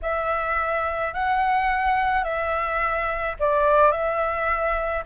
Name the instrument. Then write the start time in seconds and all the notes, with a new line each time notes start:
flute
0.02 E5
1.13 F#5
2.24 E5
3.39 D5
3.91 E5